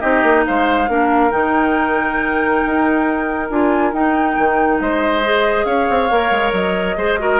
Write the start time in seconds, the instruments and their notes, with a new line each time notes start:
0.00 bassoon C4, clarinet D#4, oboe G4, flute D#5
0.23 bassoon A#3
0.45 bassoon G#3, oboe C5, flute F5
0.88 bassoon A#3, clarinet D4, oboe A#4
1.31 bassoon D#3, clarinet D#4, flute G5
2.66 bassoon D#4
3.49 bassoon D4, clarinet F4, flute G#5
3.92 bassoon D#4, clarinet D#4, flute G5
4.38 bassoon D#3
4.80 bassoon G#3, oboe C5, flute D#5
5.23 clarinet G#4
5.65 bassoon C#4, oboe C#5, flute F5
5.90 bassoon C4
6.11 bassoon A#3, clarinet A#4
6.30 bassoon G#3
6.52 bassoon F#3, flute D#5
6.97 bassoon G#3, clarinet G#4, oboe C5
7.19 clarinet F#4, oboe A#4